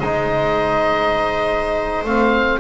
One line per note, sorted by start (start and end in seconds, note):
0.00 2.05 G#3
0.00 2.07 D#4
0.00 2.59 C5
0.00 2.05 D#5
2.05 2.59 A3
2.05 2.61 C4
2.05 2.61 F5